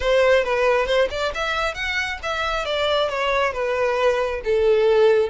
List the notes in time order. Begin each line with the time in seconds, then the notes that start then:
0.00 C5
0.44 B4
0.86 C5
1.10 D5
1.34 E5
1.74 F#5
2.22 E5
2.65 D5
3.09 C#5
3.53 B4
4.44 A4